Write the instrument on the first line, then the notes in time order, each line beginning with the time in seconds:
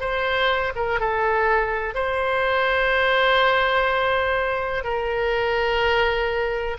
oboe
0.00 C5
0.76 A#4
1.00 A4
1.95 C5
4.84 A#4